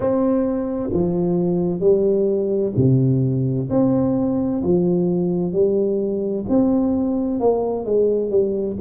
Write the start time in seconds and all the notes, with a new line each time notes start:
0.00 C4
0.92 F3
1.80 G3
2.76 C3
3.70 C4
4.63 F3
5.52 G3
6.49 C4
7.39 A#3
7.85 G#3
8.30 G3